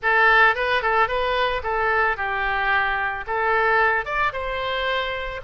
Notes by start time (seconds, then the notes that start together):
0.02 A4
0.55 B4
0.82 A4
1.08 B4
1.63 A4
2.16 G4
3.27 A4
4.05 D5
4.32 C5